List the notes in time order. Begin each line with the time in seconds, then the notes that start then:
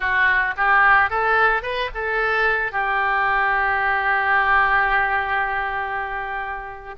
0.00 F#4
0.56 G4
1.10 A4
1.62 B4
1.94 A4
2.71 G4